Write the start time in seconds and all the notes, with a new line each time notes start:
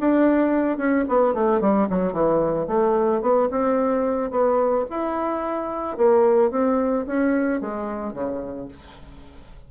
0.00 D4
0.78 C#4
1.08 B3
1.34 A3
1.61 G3
1.90 F#3
2.13 E3
2.68 A3
3.22 B3
3.51 C4
4.31 B3
4.90 E4
5.97 A#3
6.51 C4
7.07 C#4
7.61 G#3
8.13 C#3